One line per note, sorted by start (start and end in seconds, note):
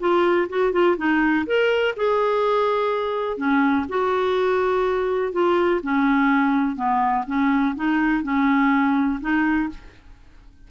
0.00 0.48 F4
0.50 0.73 F#4
0.73 0.97 F4
0.98 1.46 D#4
1.47 1.95 A#4
1.97 3.38 G#4
3.38 3.86 C#4
3.89 5.33 F#4
5.33 5.81 F4
5.83 6.76 C#4
6.76 7.25 B3
7.27 7.76 C#4
7.76 8.24 D#4
8.24 9.20 C#4
9.21 9.70 D#4